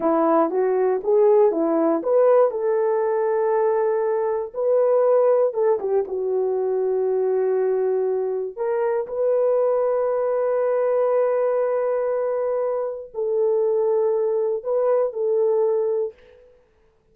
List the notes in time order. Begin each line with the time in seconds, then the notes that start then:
0.00 E4
0.50 F#4
1.03 G#4
1.51 E4
2.03 B4
2.50 A4
4.54 B4
5.53 A4
5.79 G4
6.07 F#4
8.56 A#4
9.07 B4
13.13 A4
14.63 B4
15.12 A4